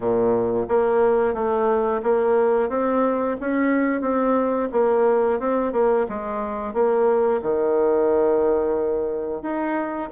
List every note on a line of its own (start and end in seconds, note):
0.00 0.66 A#2
0.68 1.33 A#3
1.33 2.01 A3
2.02 2.69 A#3
2.69 3.36 C4
3.40 4.01 C#4
4.01 4.69 C4
4.72 5.39 A#3
5.39 5.72 C4
5.72 6.06 A#3
6.09 6.73 G#3
6.73 7.40 A#3
7.42 9.42 D#3
9.42 10.09 D#4